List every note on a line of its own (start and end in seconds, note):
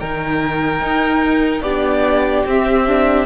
0.00 0.82 D#3
0.00 1.64 D#4
0.00 1.64 A#4
0.00 1.62 G5
0.82 1.62 D#4
1.62 2.45 B3
1.62 2.47 D4
1.62 3.27 G4
1.62 2.44 D5
2.46 3.27 C4
2.46 2.88 C4
2.46 3.27 E5
2.88 3.27 D4